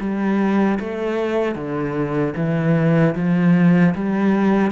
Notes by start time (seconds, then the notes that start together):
0.00 G3
0.80 A3
1.55 D3
2.36 E3
3.15 F3
3.95 G3